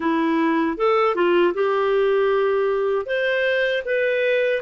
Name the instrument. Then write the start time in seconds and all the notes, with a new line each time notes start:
clarinet
0.00 E4
0.77 A4
1.15 F4
1.54 G4
3.06 C5
3.85 B4